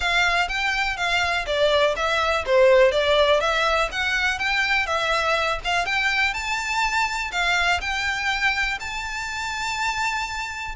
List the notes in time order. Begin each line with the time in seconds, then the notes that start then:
0.00 F5
0.48 G5
0.96 F5
1.46 D5
1.95 E5
2.46 C5
2.91 D5
3.40 E5
3.91 F#5
4.38 G5
4.86 E5
5.64 F5
5.85 G5
6.33 A5
7.31 F5
7.80 G5
8.80 A5